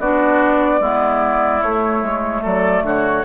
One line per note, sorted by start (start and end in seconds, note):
0.00 0.81 B3
0.00 0.81 D4
0.00 0.81 F#4
0.00 1.62 D5
0.81 1.62 G#3
0.81 1.62 B3
0.81 2.43 E4
1.62 3.24 A3
1.62 2.03 A3
1.62 2.43 C#5
2.03 2.43 G#3
2.43 2.83 F#3
2.43 2.83 A4
2.43 2.86 D5
2.83 3.24 D3
2.83 3.25 F#4
2.83 3.25 C#5